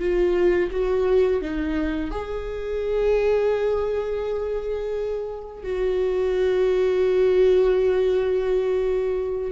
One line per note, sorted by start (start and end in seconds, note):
0.00 0.71 F4
0.72 1.42 F#4
1.42 2.11 D#4
2.11 5.64 G#4
5.64 9.52 F#4